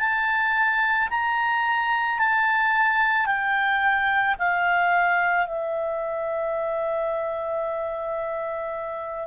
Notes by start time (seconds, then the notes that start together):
0.00 A5
1.11 A#5
2.20 A5
3.26 G5
4.39 F5
5.47 E5